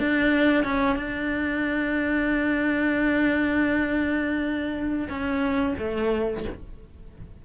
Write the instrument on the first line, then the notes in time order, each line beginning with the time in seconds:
cello
0.00 D4
0.64 C#4
0.96 D4
5.09 C#4
5.78 A3